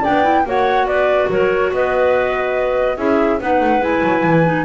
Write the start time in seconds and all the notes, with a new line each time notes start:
0.00 D4 D5 G5
0.07 B3
0.23 E4
0.45 A#3 F#4 C#5 F#5
0.85 B3 B4 D5
1.29 F#3 A#4 C#5
1.71 B3 B4 D#5
2.97 C#4 E4 G#4 E5
3.39 B3 D#4 B4 F#5
3.60 A3
3.80 G#3 E4 G#5
4.03 F#3
4.23 E3
4.44 D#4